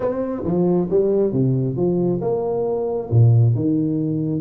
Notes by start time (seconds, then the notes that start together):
0.00 C4
0.44 F3
0.89 G3
1.32 C3
1.76 F3
2.21 A#3
3.10 A#2
3.55 D#3